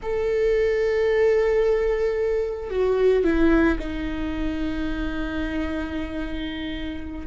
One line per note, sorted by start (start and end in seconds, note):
0.02 2.70 A4
2.70 3.24 F#4
3.24 3.78 E4
3.79 7.26 D#4